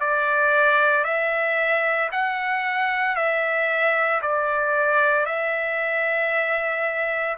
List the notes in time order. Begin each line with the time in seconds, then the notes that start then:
0.00 D5
1.04 E5
2.12 F#5
3.16 E5
4.22 D5
5.26 E5